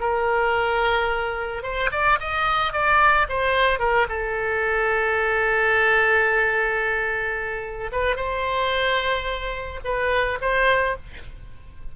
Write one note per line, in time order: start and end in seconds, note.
0.00 1.63 A#4
1.63 1.90 C5
1.92 2.19 D5
2.20 2.73 D#5
2.73 3.28 D5
3.29 3.80 C5
3.80 4.07 A#4
4.09 7.91 A4
7.92 8.16 B4
8.16 9.80 C5
9.85 10.39 B4
10.42 10.96 C5